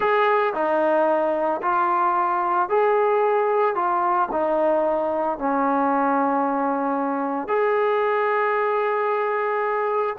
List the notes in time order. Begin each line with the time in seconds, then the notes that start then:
0.00 G#4
0.54 D#4
1.62 F4
2.69 G#4
3.75 F4
4.31 D#4
5.38 C#4
7.48 G#4